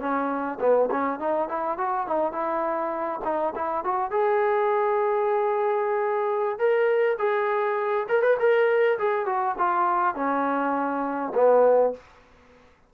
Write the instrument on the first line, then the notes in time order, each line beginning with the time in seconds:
trombone
0.00 C#4
0.60 B3
0.91 C#4
1.20 D#4
1.49 E4
1.78 F#4
2.07 D#4
2.32 E4
3.25 D#4
3.56 E4
3.84 F#4
4.11 G#4
6.59 A#4
7.19 G#4
8.09 A#4
8.23 B4
8.40 A#4
8.99 G#4
9.26 F#4
9.58 F4
10.15 C#4
11.35 B3